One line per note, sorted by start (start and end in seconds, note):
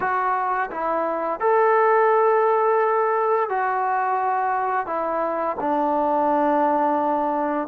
0.00 0.69 F#4
0.70 1.40 E4
1.40 3.49 A4
3.49 4.86 F#4
4.86 5.56 E4
5.59 7.67 D4